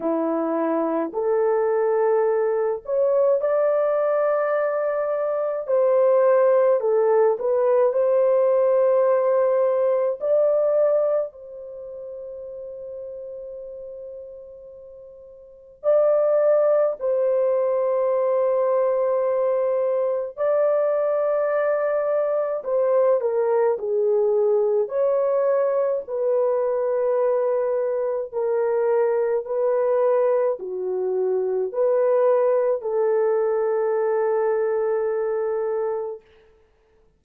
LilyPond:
\new Staff \with { instrumentName = "horn" } { \time 4/4 \tempo 4 = 53 e'4 a'4. cis''8 d''4~ | d''4 c''4 a'8 b'8 c''4~ | c''4 d''4 c''2~ | c''2 d''4 c''4~ |
c''2 d''2 | c''8 ais'8 gis'4 cis''4 b'4~ | b'4 ais'4 b'4 fis'4 | b'4 a'2. | }